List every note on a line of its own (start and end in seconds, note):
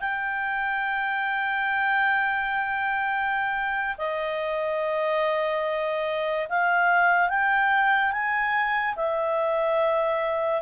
0.00 3.96 G5
3.97 6.47 D#5
6.48 7.28 F5
7.28 8.11 G5
8.11 8.95 G#5
8.95 10.61 E5